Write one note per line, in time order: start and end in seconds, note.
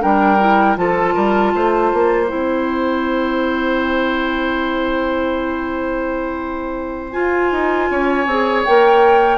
0.00 0.77 G3
0.00 0.38 D4
0.00 0.77 A#4
0.00 0.77 G5
0.40 0.76 E4
0.76 1.14 F3
0.76 2.26 F4
0.76 1.14 A4
0.76 2.25 A5
1.14 1.54 G3
1.14 1.52 A#4
1.55 1.92 A3
1.55 7.91 C5
1.94 2.31 A#3
2.25 7.13 E4
2.25 7.11 G5
2.31 7.16 C4
7.11 8.25 F4
7.11 7.52 F4
7.11 8.61 G#5
7.52 7.89 D#4
7.90 8.26 C#4
7.90 9.38 C#5
8.26 8.64 C4
8.26 8.67 G#4
8.65 9.38 A#3
8.65 9.38 A#4
8.65 9.38 G5